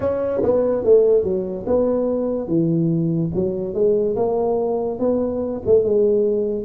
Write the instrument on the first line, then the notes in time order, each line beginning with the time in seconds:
tuba
0.00 C#4
0.42 B3
0.83 A3
1.23 F#3
1.66 B3
2.47 E3
3.34 F#3
3.73 G#3
4.16 A#3
4.99 B3
5.66 A3
5.84 G#3